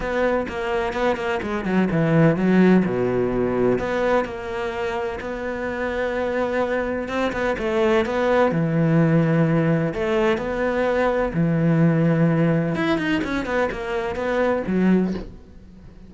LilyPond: \new Staff \with { instrumentName = "cello" } { \time 4/4 \tempo 4 = 127 b4 ais4 b8 ais8 gis8 fis8 | e4 fis4 b,2 | b4 ais2 b4~ | b2. c'8 b8 |
a4 b4 e2~ | e4 a4 b2 | e2. e'8 dis'8 | cis'8 b8 ais4 b4 fis4 | }